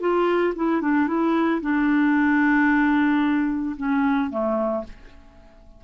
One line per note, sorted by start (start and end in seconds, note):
0.00 0.54 F4
0.55 0.81 E4
0.81 1.07 D4
1.07 1.60 E4
1.61 3.75 D4
3.76 4.30 C#4
4.30 4.84 A3